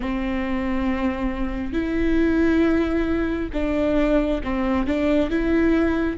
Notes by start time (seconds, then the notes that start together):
0.00 C4
1.72 E4
3.53 D4
4.43 C4
4.86 D4
5.30 E4